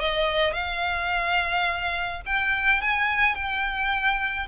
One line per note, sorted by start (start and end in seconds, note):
0.00 0.54 D#5
0.54 2.22 F5
2.26 2.82 G5
2.82 3.35 G#5
3.35 4.48 G5